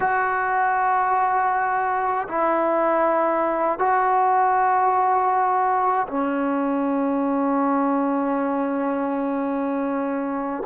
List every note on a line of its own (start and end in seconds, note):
0.00 2.27 F#4
2.28 3.78 E4
3.78 6.06 F#4
6.07 10.63 C#4